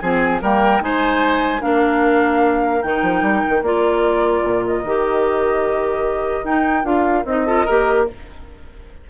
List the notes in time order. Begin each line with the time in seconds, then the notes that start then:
0.00 F3 C4 G#4 G#5
0.42 G3 A#3 A#4 G5
0.81 G#3 D#4 C5 G#5
1.61 A#3 D4 A#4 F5
2.83 D#3 D#4 G5
3.03 F3
3.22 G3
3.49 D#3
3.62 A#3 F4 D5
4.44 A#2
4.67 D#5
4.84 D#3 G4
6.44 D#4 G5
6.84 D4 F4 F5
7.25 C4 D#4 D#5
7.46 F4 A4
7.65 A#3 G4 A#4